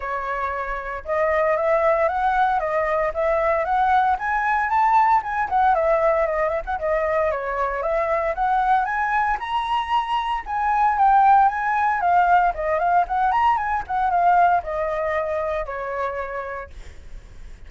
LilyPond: \new Staff \with { instrumentName = "flute" } { \time 4/4 \tempo 4 = 115 cis''2 dis''4 e''4 | fis''4 dis''4 e''4 fis''4 | gis''4 a''4 gis''8 fis''8 e''4 | dis''8 e''16 fis''16 dis''4 cis''4 e''4 |
fis''4 gis''4 ais''2 | gis''4 g''4 gis''4 f''4 | dis''8 f''8 fis''8 ais''8 gis''8 fis''8 f''4 | dis''2 cis''2 | }